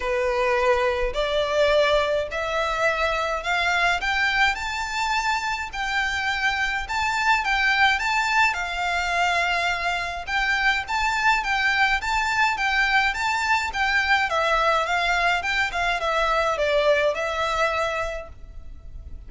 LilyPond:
\new Staff \with { instrumentName = "violin" } { \time 4/4 \tempo 4 = 105 b'2 d''2 | e''2 f''4 g''4 | a''2 g''2 | a''4 g''4 a''4 f''4~ |
f''2 g''4 a''4 | g''4 a''4 g''4 a''4 | g''4 e''4 f''4 g''8 f''8 | e''4 d''4 e''2 | }